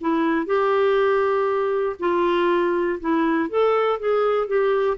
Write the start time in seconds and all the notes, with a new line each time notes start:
0.00 E4
0.46 G4
1.99 F4
3.00 E4
3.49 A4
3.99 G#4
4.47 G4